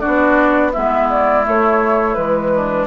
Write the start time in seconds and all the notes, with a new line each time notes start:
0.00 D4 F#4 D5
0.07 B3
0.72 G#3 B3 E4 E5
1.10 D5
1.44 A3 C#5
2.14 E3 G#3 B4
2.56 D4